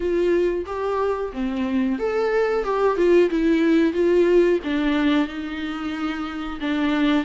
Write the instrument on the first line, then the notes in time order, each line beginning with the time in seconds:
viola
0.00 F4
0.66 G4
1.32 C4
1.98 A4
2.64 G4
2.96 F4
3.30 E4
3.93 F4
4.63 D4
5.27 D#4
6.60 D4